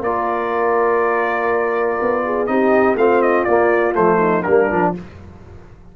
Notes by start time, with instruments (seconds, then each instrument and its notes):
0.00 tuba A#3, trombone F4, horn A#4, trumpet D5
2.01 tuba B3
2.25 horn G#4
2.46 tuba C4, trombone D#4, horn G4, trumpet D#5
2.94 tuba A3, trombone C4, horn F4, trumpet F5
3.22 trumpet D#5
3.44 tuba A#3, trombone A#3, trumpet D5
3.93 tuba F3, trombone A3, trumpet C5
4.19 horn D#4
4.42 tuba G3, trombone A#3, horn D4, trumpet A#4
4.70 tuba F3, trombone D4